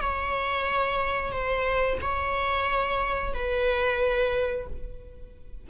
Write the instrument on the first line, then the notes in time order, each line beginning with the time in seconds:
viola
0.00 C#5
1.31 C5
2.01 C#5
3.33 B4